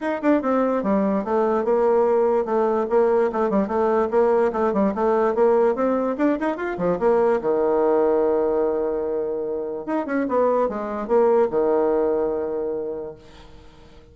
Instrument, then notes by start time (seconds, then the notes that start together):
bassoon
0.00 D#4
0.22 D4
0.42 C4
0.83 G3
1.24 A3
1.64 A#3
2.45 A3
2.89 A#3
3.32 A3
3.50 G3
3.67 A3
4.10 A#3
4.52 A3
4.73 G3
4.94 A3
5.35 A#3
5.75 C4
6.17 D4
6.40 D#4
6.56 F4
6.78 F3
6.99 A#3
7.41 D#3
9.85 D#4
10.06 C#4
10.28 B3
10.68 G#3
11.07 A#3
11.50 D#3